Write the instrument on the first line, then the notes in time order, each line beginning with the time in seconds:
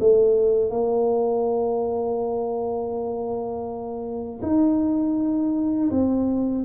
tuba
0.00 A3
0.71 A#3
4.42 D#4
5.91 C4